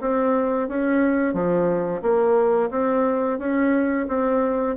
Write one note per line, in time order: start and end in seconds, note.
0.00 0.68 C4
0.68 1.33 C#4
1.33 2.01 F3
2.01 2.70 A#3
2.70 3.38 C4
3.38 4.07 C#4
4.08 4.76 C4